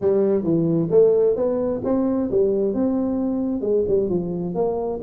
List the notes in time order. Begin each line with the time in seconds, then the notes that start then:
0.01 G3
0.43 E3
0.90 A3
1.35 B3
1.84 C4
2.30 G3
2.74 C4
3.61 G#3
3.88 G3
4.09 F3
4.54 A#3